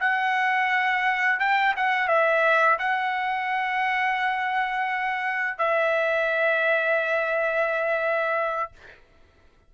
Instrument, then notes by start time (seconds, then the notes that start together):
trumpet
0.00 F#5
1.40 G5
1.77 F#5
2.08 E5
2.79 F#5
5.58 E5